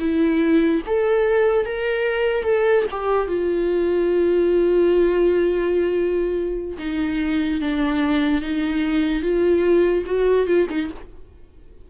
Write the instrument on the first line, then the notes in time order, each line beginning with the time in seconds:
viola
0.00 E4
0.87 A4
1.66 A#4
2.44 A4
2.91 G4
3.28 F4
6.79 D#4
7.61 D4
8.42 D#4
9.23 F4
10.06 F#4
10.47 F4
10.70 D#4